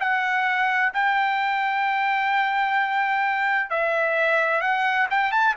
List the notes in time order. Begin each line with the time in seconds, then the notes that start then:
0.00 F#5
0.94 G5
3.70 E5
4.61 F#5
5.10 G5
5.31 A5